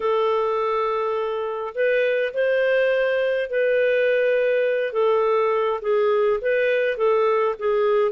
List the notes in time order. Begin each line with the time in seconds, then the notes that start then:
0.00 A4
1.74 B4
2.33 C5
3.50 B4
4.92 A4
5.81 G#4
6.41 B4
6.97 A4
7.58 G#4